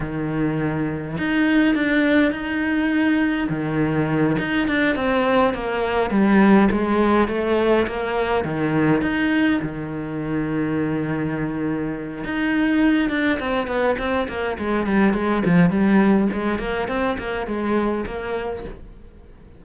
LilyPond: \new Staff \with { instrumentName = "cello" } { \time 4/4 \tempo 4 = 103 dis2 dis'4 d'4 | dis'2 dis4. dis'8 | d'8 c'4 ais4 g4 gis8~ | gis8 a4 ais4 dis4 dis'8~ |
dis'8 dis2.~ dis8~ | dis4 dis'4. d'8 c'8 b8 | c'8 ais8 gis8 g8 gis8 f8 g4 | gis8 ais8 c'8 ais8 gis4 ais4 | }